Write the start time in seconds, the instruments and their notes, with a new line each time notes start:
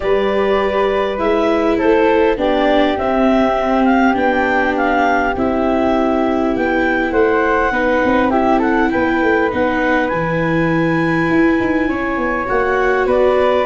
0.00 tuba G3, viola G4, flute B4, clarinet D5
1.18 tuba G#3, viola E4, clarinet E5
1.77 tuba A3, flute A4, clarinet C5
2.37 tuba B3, viola D4, flute G4, clarinet D5
2.97 viola C4, tuba C4, clarinet E5
3.85 clarinet F5
4.13 tuba B3, viola D4, clarinet G5
4.76 clarinet F5
5.36 tuba C4, viola E4, clarinet E5
6.55 tuba B3, clarinet G5
7.11 tuba A3, flute C5, clarinet F#5
7.71 tuba B3, viola D#4, flute B4
8.03 tuba C4
8.30 viola E4, flute G4, clarinet E5
8.59 flute A4, clarinet F#5
8.90 tuba B3, flute B4, clarinet G5
9.22 tuba A3
9.50 tuba B3, viola D#4, clarinet F#5
10.08 tuba E3, viola E4, clarinet G#5
11.29 tuba E4
11.59 tuba D#4
11.88 tuba C#4, flute C#5
12.17 tuba B3
12.45 tuba A#3, viola F#4, clarinet F#5
13.06 tuba B3, flute B4, clarinet D5